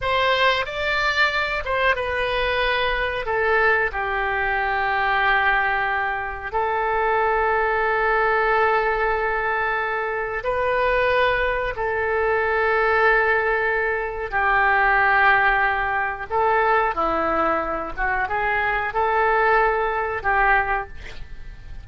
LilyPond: \new Staff \with { instrumentName = "oboe" } { \time 4/4 \tempo 4 = 92 c''4 d''4. c''8 b'4~ | b'4 a'4 g'2~ | g'2 a'2~ | a'1 |
b'2 a'2~ | a'2 g'2~ | g'4 a'4 e'4. fis'8 | gis'4 a'2 g'4 | }